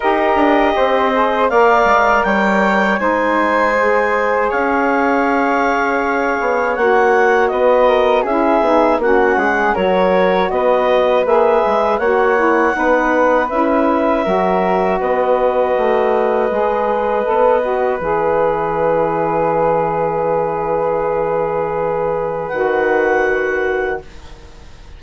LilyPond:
<<
  \new Staff \with { instrumentName = "clarinet" } { \time 4/4 \tempo 4 = 80 dis''2 f''4 g''4 | gis''2 f''2~ | f''4 fis''4 dis''4 e''4 | fis''4 cis''4 dis''4 e''4 |
fis''2 e''2 | dis''1 | e''1~ | e''2 fis''2 | }
  \new Staff \with { instrumentName = "flute" } { \time 4/4 ais'4 c''4 d''4 cis''4 | c''2 cis''2~ | cis''2 b'8 ais'8 gis'4 | fis'8 gis'8 ais'4 b'2 |
cis''4 b'2 ais'4 | b'1~ | b'1~ | b'1 | }
  \new Staff \with { instrumentName = "saxophone" } { \time 4/4 g'4. gis'8 ais'2 | dis'4 gis'2.~ | gis'4 fis'2 e'8 dis'8 | cis'4 fis'2 gis'4 |
fis'8 e'8 dis'4 e'4 fis'4~ | fis'2 gis'4 a'8 fis'8 | gis'1~ | gis'2 fis'2 | }
  \new Staff \with { instrumentName = "bassoon" } { \time 4/4 dis'8 d'8 c'4 ais8 gis8 g4 | gis2 cis'2~ | cis'8 b8 ais4 b4 cis'8 b8 | ais8 gis8 fis4 b4 ais8 gis8 |
ais4 b4 cis'4 fis4 | b4 a4 gis4 b4 | e1~ | e2 dis2 | }
>>